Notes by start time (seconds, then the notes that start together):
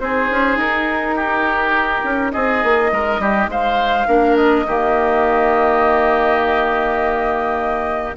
0.00 C4 D#4 G#4 C5
0.30 C#4
0.57 D#4 A#4
1.16 G4
2.03 C#4
2.32 C4 G#4 D#5
2.63 A#3
2.92 G#3 A#4
3.19 G3 G4
3.47 G#3 C5 F5
4.08 A#3 D4 A#4
4.36 D#5
4.67 D#3 A#3 G4